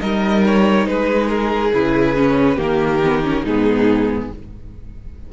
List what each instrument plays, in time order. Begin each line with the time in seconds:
0.00 cello G3, viola D#4, violin A#4 D#5
0.46 violin C#5
0.87 cello G#3, violin G#4 B4
1.28 violin A#4
1.73 cello C#3, viola E4, violin B4
2.16 viola C#4
2.56 cello D#3, viola A#3, violin G4 A#4
3.04 viola B3
3.23 viola C#4
3.43 cello G#2, viola B3, violin D#4 G#4